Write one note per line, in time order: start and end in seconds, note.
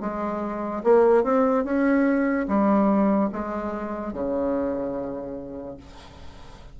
0.00 0.82 G#3
0.83 1.23 A#3
1.23 1.64 C4
1.64 2.46 C#4
2.47 3.30 G3
3.32 4.12 G#3
4.12 5.77 C#3